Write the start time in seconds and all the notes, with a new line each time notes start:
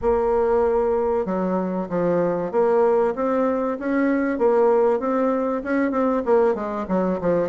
0.01 A#3
1.25 F#3
1.89 F3
2.51 A#3
3.15 C4
3.79 C#4
4.38 A#3
4.99 C4
5.63 C#4
5.91 C4
6.25 A#3
6.55 G#3
6.88 F#3
7.20 F3